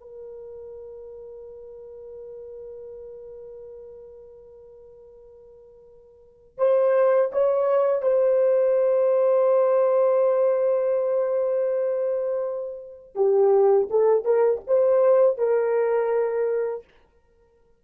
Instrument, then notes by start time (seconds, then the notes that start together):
horn
0.00 A#4
6.58 C5
7.32 C#5
8.02 C5
13.15 G4
13.90 A4
14.24 A#4
14.67 C5
15.38 A#4